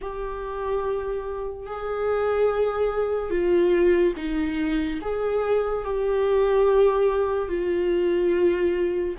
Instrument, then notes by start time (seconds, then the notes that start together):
viola
0.01 G4
1.66 G#4
3.30 F4
4.16 D#4
5.01 G#4
5.84 G4
7.48 F4